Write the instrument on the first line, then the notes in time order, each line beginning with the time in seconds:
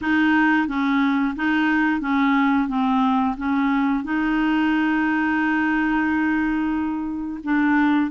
clarinet
0.01 D#4
0.67 C#4
1.35 D#4
2.00 C#4
2.68 C4
3.37 C#4
4.04 D#4
7.43 D4